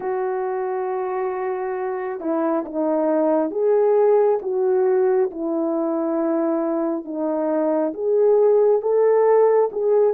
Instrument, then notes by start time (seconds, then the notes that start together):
horn
0.00 F#4
2.20 E4
2.65 D#4
3.51 G#4
4.42 F#4
5.31 E4
7.05 D#4
7.93 G#4
8.81 A4
9.71 G#4